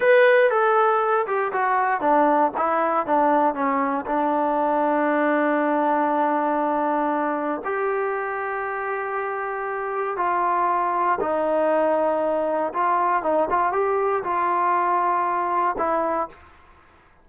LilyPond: \new Staff \with { instrumentName = "trombone" } { \time 4/4 \tempo 4 = 118 b'4 a'4. g'8 fis'4 | d'4 e'4 d'4 cis'4 | d'1~ | d'2. g'4~ |
g'1 | f'2 dis'2~ | dis'4 f'4 dis'8 f'8 g'4 | f'2. e'4 | }